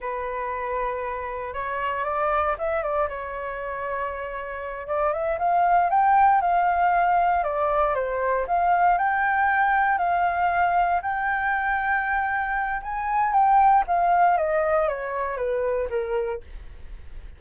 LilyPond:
\new Staff \with { instrumentName = "flute" } { \time 4/4 \tempo 4 = 117 b'2. cis''4 | d''4 e''8 d''8 cis''2~ | cis''4. d''8 e''8 f''4 g''8~ | g''8 f''2 d''4 c''8~ |
c''8 f''4 g''2 f''8~ | f''4. g''2~ g''8~ | g''4 gis''4 g''4 f''4 | dis''4 cis''4 b'4 ais'4 | }